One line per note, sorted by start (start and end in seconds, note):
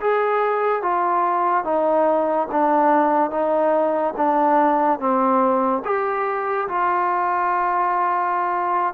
0.00 0.82 G#4
0.82 1.64 F4
1.64 2.47 D#4
2.51 3.30 D4
3.30 4.14 D#4
4.16 4.99 D4
4.99 5.83 C4
5.84 6.68 G4
6.68 8.94 F4